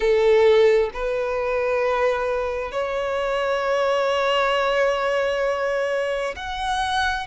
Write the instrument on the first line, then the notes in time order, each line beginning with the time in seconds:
violin
0.00 A4
0.93 B4
2.71 C#5
6.36 F#5